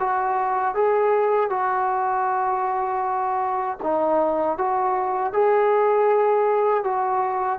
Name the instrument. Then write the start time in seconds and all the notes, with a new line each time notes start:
trombone
0.00 F#4
0.75 G#4
1.50 F#4
3.83 D#4
4.58 F#4
5.33 G#4
6.84 F#4